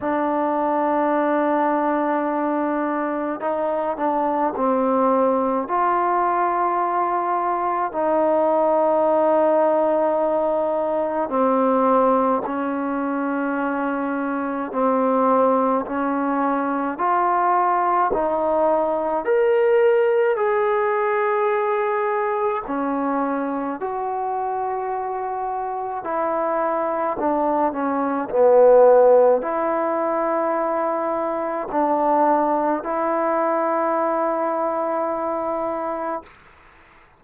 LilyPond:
\new Staff \with { instrumentName = "trombone" } { \time 4/4 \tempo 4 = 53 d'2. dis'8 d'8 | c'4 f'2 dis'4~ | dis'2 c'4 cis'4~ | cis'4 c'4 cis'4 f'4 |
dis'4 ais'4 gis'2 | cis'4 fis'2 e'4 | d'8 cis'8 b4 e'2 | d'4 e'2. | }